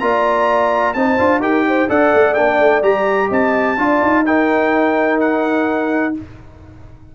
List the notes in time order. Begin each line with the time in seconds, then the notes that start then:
0.00 A#3 F4 D5 A#5
0.94 C4 D#4 C5 A5
1.19 D4 F4
1.40 D#4 G4 A#4 G5
1.68 C5
1.89 D4 A4 D5 F#5
2.14 A3
2.35 A#3 D4 G5
2.60 A3
2.83 G3 G4 A#5
3.29 C4 D#5 A5
3.78 D4 F4 D5
4.02 D#4
4.26 D#4 A#4 G5
5.20 F#5